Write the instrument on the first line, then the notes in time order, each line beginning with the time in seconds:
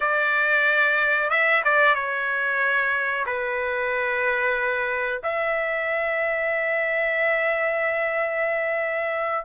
trumpet
0.00 D5
1.30 E5
1.64 D5
1.94 C#5
3.25 B4
5.23 E5